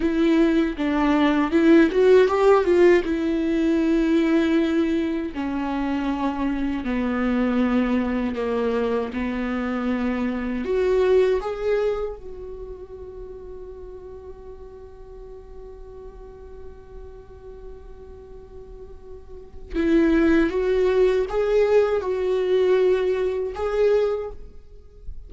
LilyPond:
\new Staff \with { instrumentName = "viola" } { \time 4/4 \tempo 4 = 79 e'4 d'4 e'8 fis'8 g'8 f'8 | e'2. cis'4~ | cis'4 b2 ais4 | b2 fis'4 gis'4 |
fis'1~ | fis'1~ | fis'2 e'4 fis'4 | gis'4 fis'2 gis'4 | }